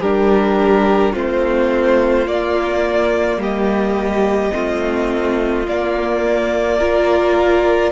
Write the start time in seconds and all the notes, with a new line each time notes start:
0.00 G3 D4 G4 A#4
1.13 A3 C4 F4 C5
2.27 A#3 D5
3.38 G3 G4 D#5
4.52 A3 C4 F4
5.67 A#3 D5
6.79 F4 A#4